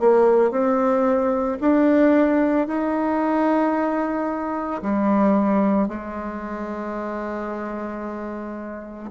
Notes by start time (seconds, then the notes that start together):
0.00 A#3
0.51 C4
1.61 D4
2.68 D#4
4.82 G3
5.88 G#3